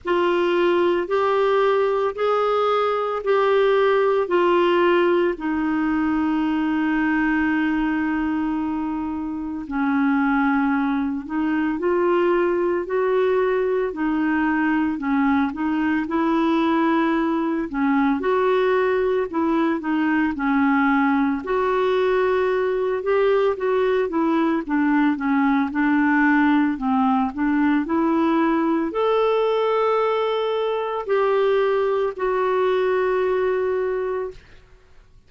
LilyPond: \new Staff \with { instrumentName = "clarinet" } { \time 4/4 \tempo 4 = 56 f'4 g'4 gis'4 g'4 | f'4 dis'2.~ | dis'4 cis'4. dis'8 f'4 | fis'4 dis'4 cis'8 dis'8 e'4~ |
e'8 cis'8 fis'4 e'8 dis'8 cis'4 | fis'4. g'8 fis'8 e'8 d'8 cis'8 | d'4 c'8 d'8 e'4 a'4~ | a'4 g'4 fis'2 | }